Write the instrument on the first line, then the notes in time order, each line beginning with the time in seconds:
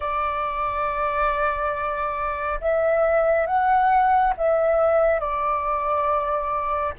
flute
0.00 D5
2.60 E5
3.46 F#5
4.37 E5
5.20 D5